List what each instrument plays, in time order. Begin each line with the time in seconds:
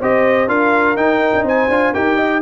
0.00 tuba C4, trombone G4, horn C5, trumpet D#5
0.47 tuba D4, trombone F4, horn A#4, trumpet F5
0.96 tuba D#4, trombone D#4, trumpet G5
1.34 tuba D4
1.43 tuba C4, horn C5, trumpet G#5
1.68 tuba D4, trombone F4
1.92 tuba D#4, trombone G4, horn A#4, trumpet G5
2.16 horn D#5